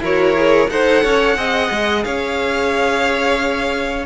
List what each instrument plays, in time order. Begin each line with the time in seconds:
0.00 cello E4, viola F#4, violin A#4 C#5
0.36 viola G#4
0.70 cello D#4, viola A4, violin C5 F#5
1.03 cello C#4, violin C#5
1.36 cello C4, viola G#4, violin D#5
1.71 cello G#3
2.04 cello C#4, violin C#5 F5